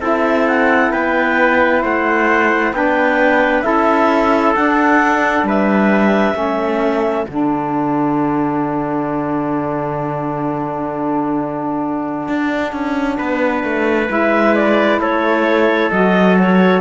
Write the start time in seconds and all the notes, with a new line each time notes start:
0.00 C4 E4 A4 E5
0.48 F#5
0.91 B3 B4 G5
1.83 A3 C5 F#5
2.73 B3 D4 B4 G5
3.62 C#4 E4 A4 E5
4.55 D4 F#5
5.43 G3 B4 E5
6.34 A3 C#4 A4
7.27 D3 D4 F#5
12.29 D4
12.73 C#4
13.18 B3 B4
13.64 A3
14.09 G#3 E4 E5
14.55 D5
14.99 A3 A4 C#5
15.92 F#3 F#4 D#5
16.39 C#5